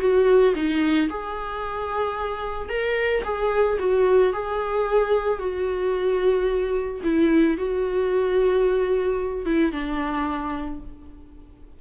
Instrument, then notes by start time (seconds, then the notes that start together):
viola
0.00 F#4
0.55 D#4
1.09 G#4
2.69 A#4
3.24 G#4
3.79 F#4
4.33 G#4
5.39 F#4
7.03 E4
7.57 F#4
9.45 E4
9.72 D4